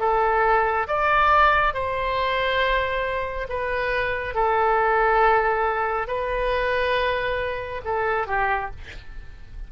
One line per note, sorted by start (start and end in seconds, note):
0.00 0.87 A4
0.87 1.74 D5
1.74 3.47 C5
3.49 4.34 B4
4.34 6.07 A4
6.07 7.81 B4
7.85 8.27 A4
8.27 8.70 G4